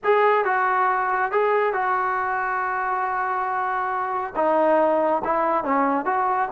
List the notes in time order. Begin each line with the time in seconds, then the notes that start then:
0.03 G#4
0.44 F#4
1.31 G#4
1.73 F#4
4.35 D#4
5.24 E4
5.63 C#4
6.05 F#4